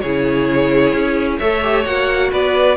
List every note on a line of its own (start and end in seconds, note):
0.00 0.93 C#3
0.00 1.41 E4
0.00 1.38 G#4
0.00 1.37 C#5
0.93 1.39 C#4
1.38 1.85 A3
1.38 1.62 A4
1.38 2.30 C#5
1.38 1.84 E5
1.62 1.85 G4
1.85 2.31 A#3
1.85 2.76 F#4
1.85 2.30 F#5
2.32 2.76 B3
2.32 2.76 B4
2.32 2.76 D5